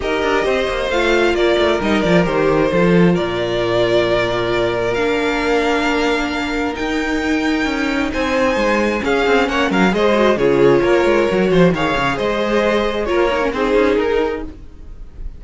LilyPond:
<<
  \new Staff \with { instrumentName = "violin" } { \time 4/4 \tempo 4 = 133 dis''2 f''4 d''4 | dis''8 d''8 c''2 d''4~ | d''2. f''4~ | f''2. g''4~ |
g''2 gis''2 | f''4 fis''8 f''8 dis''4 cis''4~ | cis''2 f''4 dis''4~ | dis''4 cis''4 c''4 ais'4 | }
  \new Staff \with { instrumentName = "violin" } { \time 4/4 ais'4 c''2 ais'4~ | ais'2 a'4 ais'4~ | ais'1~ | ais'1~ |
ais'2 c''2 | gis'4 cis''8 ais'8 c''4 gis'4 | ais'4. c''8 cis''4 c''4~ | c''4 ais'4 gis'2 | }
  \new Staff \with { instrumentName = "viola" } { \time 4/4 g'2 f'2 | dis'8 f'8 g'4 f'2~ | f'2. d'4~ | d'2. dis'4~ |
dis'1 | cis'2 gis'8 fis'8 f'4~ | f'4 fis'4 gis'2~ | gis'4 f'8 dis'16 cis'16 dis'2 | }
  \new Staff \with { instrumentName = "cello" } { \time 4/4 dis'8 d'8 c'8 ais8 a4 ais8 a8 | g8 f8 dis4 f4 ais,4~ | ais,2. ais4~ | ais2. dis'4~ |
dis'4 cis'4 c'4 gis4 | cis'8 c'8 ais8 fis8 gis4 cis4 | ais8 gis8 fis8 f8 dis8 cis8 gis4~ | gis4 ais4 c'8 cis'8 dis'4 | }
>>